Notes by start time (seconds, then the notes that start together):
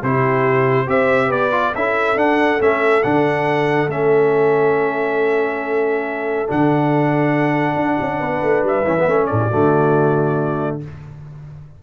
0.00 C3 E4 G4 C5
0.87 C4 G4 C5 E5
1.28 B3 B4 D5
1.52 F4
1.75 C#4 E4 A4 E5
2.16 D4 F#5
2.60 A3 C#4 E5
3.03 D3 D4 F#5
3.88 A3 C#4 E5
6.48 D3 D4 F#5
7.76 D4
8.01 C#4
8.20 B3 B4
8.43 A3
8.63 G3 E5
8.84 E3 C#4
9.00 B3
9.08 A3 C#4
9.27 A2 A4 D5
9.41 G4
9.48 D3 A3 F#4